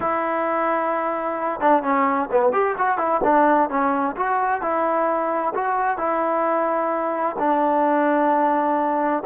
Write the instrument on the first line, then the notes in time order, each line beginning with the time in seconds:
trombone
0.00 E4
1.60 D4
1.83 C#4
2.31 B3
2.52 G4
2.78 F#4
2.97 E4
3.23 D4
3.69 C#4
4.16 F#4
4.61 E4
5.54 F#4
5.97 E4
7.38 D4